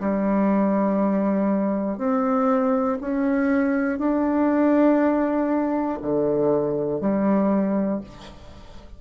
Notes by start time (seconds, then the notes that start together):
0.00 G3
1.98 C4
3.01 C#4
3.99 D4
6.02 D3
7.00 G3